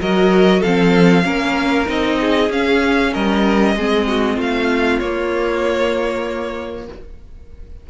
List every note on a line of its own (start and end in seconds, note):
0.00 0.63 F#3
0.00 0.64 F#4
0.00 0.60 A#4
0.00 0.62 D#5
0.60 1.25 F3
0.60 1.23 C4
0.60 1.22 A4
0.60 1.87 F5
1.23 1.87 A#3
1.23 1.86 C#4
1.23 2.19 A#4
1.86 2.49 C4
1.86 2.48 D#4
1.86 2.51 D#5
2.20 3.12 G#4
2.49 3.11 C#4
2.49 3.76 C#4
2.49 3.14 F5
3.12 3.75 G3
3.12 3.74 A#4
3.12 4.39 D#5
3.75 4.38 G#3
3.75 5.02 C4
3.75 4.07 G#4
4.07 4.35 F#4
4.35 5.00 A3
4.35 6.85 F4
4.35 4.99 F5
4.99 6.88 A#3
4.99 6.89 A#3
4.99 6.87 C#5